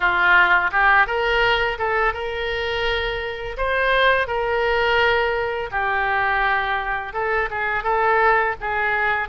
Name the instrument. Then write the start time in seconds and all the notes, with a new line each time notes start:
oboe
0.00 F4
0.71 G4
1.06 A#4
1.78 A4
2.13 A#4
3.57 C5
4.27 A#4
5.71 G4
7.13 A4
7.50 G#4
7.83 A4
8.60 G#4